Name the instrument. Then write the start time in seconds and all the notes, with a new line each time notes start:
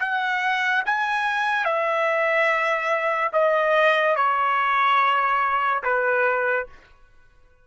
trumpet
0.00 F#5
0.86 G#5
1.65 E5
3.33 D#5
4.16 C#5
5.84 B4